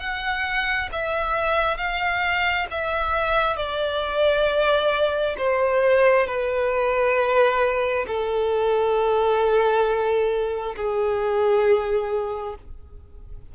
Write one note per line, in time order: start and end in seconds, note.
0.00 0.90 F#5
0.92 1.77 E5
1.77 2.67 F5
2.72 3.57 E5
3.57 5.36 D5
5.38 6.27 C5
6.27 8.06 B4
8.08 10.76 A4
10.77 12.56 G#4